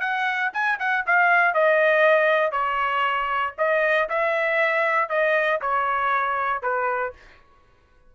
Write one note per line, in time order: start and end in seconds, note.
0.00 0.51 F#5
0.53 0.79 G#5
0.79 1.05 F#5
1.06 1.54 F5
1.54 2.52 D#5
2.52 3.53 C#5
3.58 4.09 D#5
4.09 5.09 E5
5.09 5.60 D#5
5.61 6.62 C#5
6.62 7.13 B4